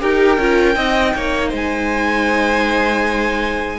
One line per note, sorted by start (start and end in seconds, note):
0.00 0.37 D#4
0.00 0.38 G4
0.00 0.76 A#4
0.00 1.55 G5
0.37 0.75 C#4
0.37 0.75 F4
0.75 1.13 C4
0.75 3.79 D#4
0.75 1.14 D#5
1.14 1.52 A#3
1.14 1.48 C#5
1.48 3.79 G#3
1.48 3.76 C5
1.55 3.79 G#5